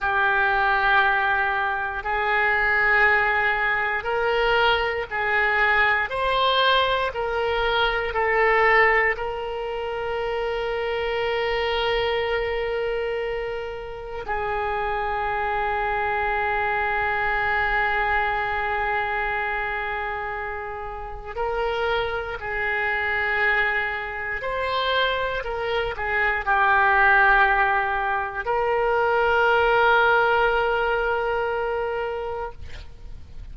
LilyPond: \new Staff \with { instrumentName = "oboe" } { \time 4/4 \tempo 4 = 59 g'2 gis'2 | ais'4 gis'4 c''4 ais'4 | a'4 ais'2.~ | ais'2 gis'2~ |
gis'1~ | gis'4 ais'4 gis'2 | c''4 ais'8 gis'8 g'2 | ais'1 | }